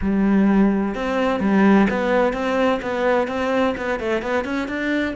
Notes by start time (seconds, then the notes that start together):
0.01 G3
0.94 C4
1.40 G3
1.90 B3
2.33 C4
2.81 B3
3.27 C4
3.77 B3
3.99 A3
4.22 B3
4.44 C#4
4.68 D4